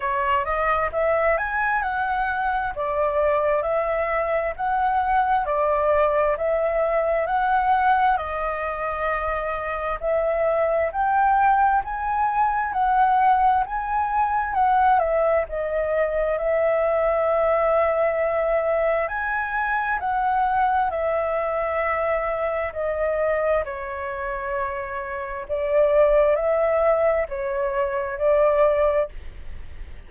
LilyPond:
\new Staff \with { instrumentName = "flute" } { \time 4/4 \tempo 4 = 66 cis''8 dis''8 e''8 gis''8 fis''4 d''4 | e''4 fis''4 d''4 e''4 | fis''4 dis''2 e''4 | g''4 gis''4 fis''4 gis''4 |
fis''8 e''8 dis''4 e''2~ | e''4 gis''4 fis''4 e''4~ | e''4 dis''4 cis''2 | d''4 e''4 cis''4 d''4 | }